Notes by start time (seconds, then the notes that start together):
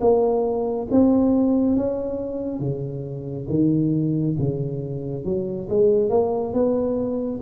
0.00 A#3
0.91 C4
1.75 C#4
2.59 C#3
3.49 D#3
4.38 C#3
5.24 F#3
5.69 G#3
6.09 A#3
6.53 B3